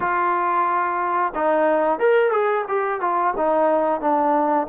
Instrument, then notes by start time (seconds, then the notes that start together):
trombone
0.00 F4
1.34 D#4
1.98 A#4
2.31 G#4
2.68 G4
3.00 F4
3.36 D#4
4.00 D4